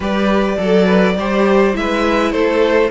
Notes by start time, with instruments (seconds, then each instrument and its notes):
0.00 cello G3, viola G4, violin B4 D5
0.57 cello F#3, viola A4, violin A4
0.85 violin B4
1.16 cello G3, viola G4, violin C5
1.73 cello G#3, viola E4, violin E5
1.79 violin B4
2.32 cello A3, violin A4 C5